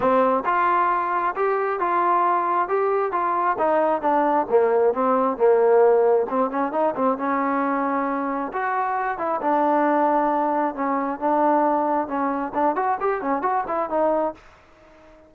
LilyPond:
\new Staff \with { instrumentName = "trombone" } { \time 4/4 \tempo 4 = 134 c'4 f'2 g'4 | f'2 g'4 f'4 | dis'4 d'4 ais4 c'4 | ais2 c'8 cis'8 dis'8 c'8 |
cis'2. fis'4~ | fis'8 e'8 d'2. | cis'4 d'2 cis'4 | d'8 fis'8 g'8 cis'8 fis'8 e'8 dis'4 | }